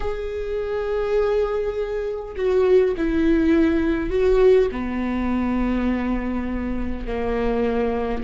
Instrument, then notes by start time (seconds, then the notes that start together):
viola
0.00 G#4
2.36 F#4
2.97 E4
4.09 F#4
4.71 B3
7.06 A#3